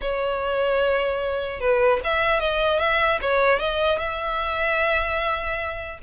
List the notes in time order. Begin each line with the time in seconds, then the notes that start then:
0.01 C#5
1.59 B4
2.04 E5
2.39 D#5
2.79 E5
3.21 C#5
3.59 D#5
3.98 E5